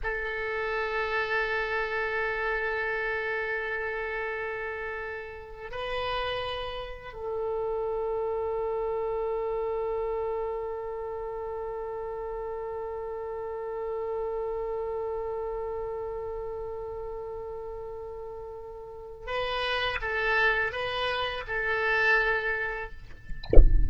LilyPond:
\new Staff \with { instrumentName = "oboe" } { \time 4/4 \tempo 4 = 84 a'1~ | a'1 | b'2 a'2~ | a'1~ |
a'1~ | a'1~ | a'2. b'4 | a'4 b'4 a'2 | }